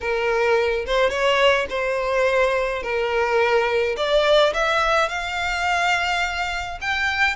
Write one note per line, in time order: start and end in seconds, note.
0.00 0.85 A#4
0.86 1.10 C5
1.10 1.66 C#5
1.69 2.82 C5
2.83 3.96 A#4
3.96 4.53 D5
4.53 5.08 E5
5.08 6.78 F5
6.81 7.35 G5